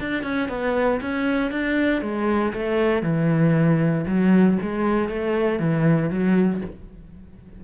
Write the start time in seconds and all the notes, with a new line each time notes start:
0.00 D4
0.23 C#4
0.49 B3
1.01 C#4
1.51 D4
2.02 G#3
2.53 A3
3.03 E3
4.07 F#3
4.62 G#3
5.09 A3
5.59 E3
6.10 F#3